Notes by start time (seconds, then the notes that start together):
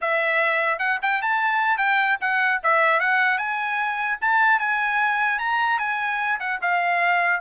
0.01 E5
0.79 F#5
1.01 G5
1.22 A5
1.77 G5
2.20 F#5
2.63 E5
3.00 F#5
3.38 G#5
4.21 A5
4.59 G#5
5.39 A#5
5.79 G#5
6.39 F#5
6.61 F5